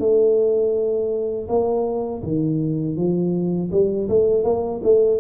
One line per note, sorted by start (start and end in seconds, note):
0.00 1.48 A3
1.49 2.23 A#3
2.23 2.97 D#3
2.97 3.71 F3
3.72 4.09 G3
4.09 4.44 A3
4.44 4.81 A#3
4.84 5.21 A3